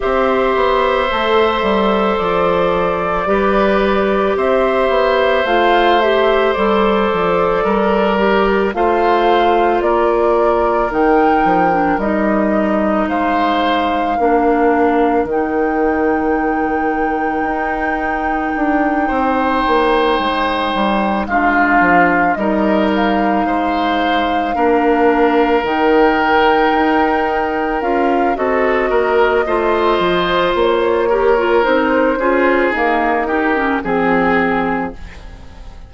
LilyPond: <<
  \new Staff \with { instrumentName = "flute" } { \time 4/4 \tempo 4 = 55 e''2 d''2 | e''4 f''8 e''8 d''2 | f''4 d''4 g''4 dis''4 | f''2 g''2~ |
g''2.~ g''8 f''8~ | f''8 dis''8 f''2~ f''8 g''8~ | g''4. f''8 dis''2 | cis''4 c''4 ais'4 gis'4 | }
  \new Staff \with { instrumentName = "oboe" } { \time 4/4 c''2. b'4 | c''2. ais'4 | c''4 ais'2. | c''4 ais'2.~ |
ais'4. c''2 f'8~ | f'8 ais'4 c''4 ais'4.~ | ais'2 a'8 ais'8 c''4~ | c''8 ais'4 gis'4 g'8 gis'4 | }
  \new Staff \with { instrumentName = "clarinet" } { \time 4/4 g'4 a'2 g'4~ | g'4 f'8 g'8 a'4. g'8 | f'2 dis'8. d'16 dis'4~ | dis'4 d'4 dis'2~ |
dis'2.~ dis'8 d'8~ | d'8 dis'2 d'4 dis'8~ | dis'4. f'8 fis'4 f'4~ | f'8 g'16 f'16 dis'8 f'8 ais8 dis'16 cis'16 c'4 | }
  \new Staff \with { instrumentName = "bassoon" } { \time 4/4 c'8 b8 a8 g8 f4 g4 | c'8 b8 a4 g8 f8 g4 | a4 ais4 dis8 f8 g4 | gis4 ais4 dis2 |
dis'4 d'8 c'8 ais8 gis8 g8 gis8 | f8 g4 gis4 ais4 dis8~ | dis8 dis'4 cis'8 c'8 ais8 a8 f8 | ais4 c'8 cis'8 dis'4 f4 | }
>>